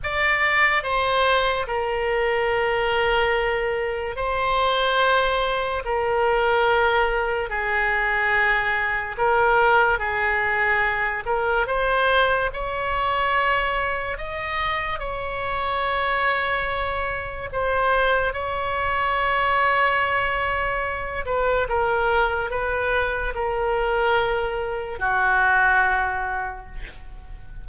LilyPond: \new Staff \with { instrumentName = "oboe" } { \time 4/4 \tempo 4 = 72 d''4 c''4 ais'2~ | ais'4 c''2 ais'4~ | ais'4 gis'2 ais'4 | gis'4. ais'8 c''4 cis''4~ |
cis''4 dis''4 cis''2~ | cis''4 c''4 cis''2~ | cis''4. b'8 ais'4 b'4 | ais'2 fis'2 | }